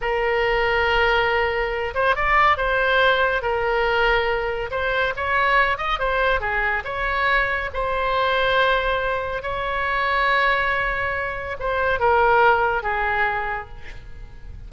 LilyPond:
\new Staff \with { instrumentName = "oboe" } { \time 4/4 \tempo 4 = 140 ais'1~ | ais'8 c''8 d''4 c''2 | ais'2. c''4 | cis''4. dis''8 c''4 gis'4 |
cis''2 c''2~ | c''2 cis''2~ | cis''2. c''4 | ais'2 gis'2 | }